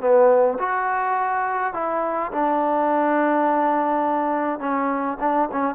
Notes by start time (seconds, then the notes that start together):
0.00 B3
0.58 F#4
1.73 E4
2.32 D4
4.59 C#4
5.20 D4
5.51 C#4